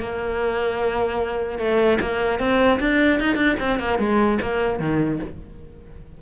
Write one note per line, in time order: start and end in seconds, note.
0.00 1.59 A#3
1.59 1.99 A3
2.01 2.40 A#3
2.40 2.80 C4
2.80 3.20 D4
3.20 3.36 D#4
3.36 3.56 D4
3.60 3.80 C4
3.80 3.99 A#3
3.99 4.39 G#3
4.42 4.80 A#3
4.80 5.20 D#3